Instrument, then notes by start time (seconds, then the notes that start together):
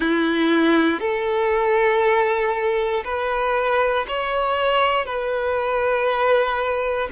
violin
0.00 E4
1.00 A4
3.04 B4
4.08 C#5
5.05 B4